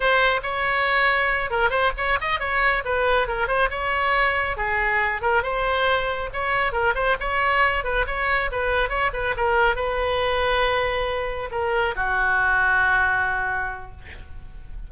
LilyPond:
\new Staff \with { instrumentName = "oboe" } { \time 4/4 \tempo 4 = 138 c''4 cis''2~ cis''8 ais'8 | c''8 cis''8 dis''8 cis''4 b'4 ais'8 | c''8 cis''2 gis'4. | ais'8 c''2 cis''4 ais'8 |
c''8 cis''4. b'8 cis''4 b'8~ | b'8 cis''8 b'8 ais'4 b'4.~ | b'2~ b'8 ais'4 fis'8~ | fis'1 | }